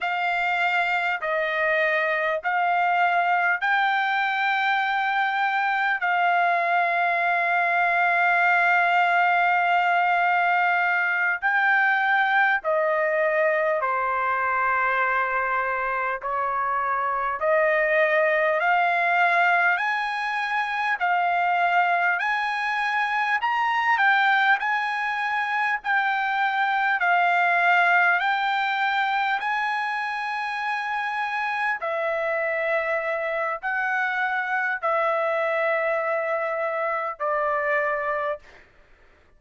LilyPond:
\new Staff \with { instrumentName = "trumpet" } { \time 4/4 \tempo 4 = 50 f''4 dis''4 f''4 g''4~ | g''4 f''2.~ | f''4. g''4 dis''4 c''8~ | c''4. cis''4 dis''4 f''8~ |
f''8 gis''4 f''4 gis''4 ais''8 | g''8 gis''4 g''4 f''4 g''8~ | g''8 gis''2 e''4. | fis''4 e''2 d''4 | }